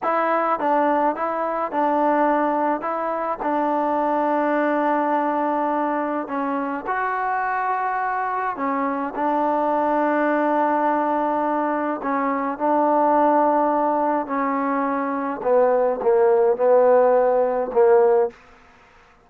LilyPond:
\new Staff \with { instrumentName = "trombone" } { \time 4/4 \tempo 4 = 105 e'4 d'4 e'4 d'4~ | d'4 e'4 d'2~ | d'2. cis'4 | fis'2. cis'4 |
d'1~ | d'4 cis'4 d'2~ | d'4 cis'2 b4 | ais4 b2 ais4 | }